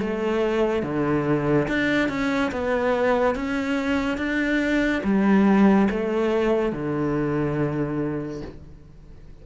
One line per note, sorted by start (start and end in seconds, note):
0.00 0.83 A3
0.83 1.67 D3
1.68 2.09 D4
2.09 2.51 C#4
2.52 3.35 B3
3.35 4.18 C#4
4.18 5.02 D4
5.04 5.88 G3
5.90 6.73 A3
6.73 8.42 D3